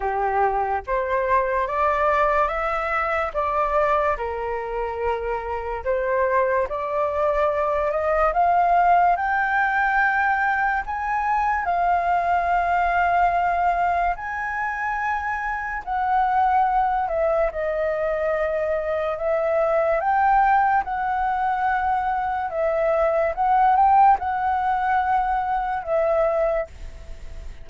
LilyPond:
\new Staff \with { instrumentName = "flute" } { \time 4/4 \tempo 4 = 72 g'4 c''4 d''4 e''4 | d''4 ais'2 c''4 | d''4. dis''8 f''4 g''4~ | g''4 gis''4 f''2~ |
f''4 gis''2 fis''4~ | fis''8 e''8 dis''2 e''4 | g''4 fis''2 e''4 | fis''8 g''8 fis''2 e''4 | }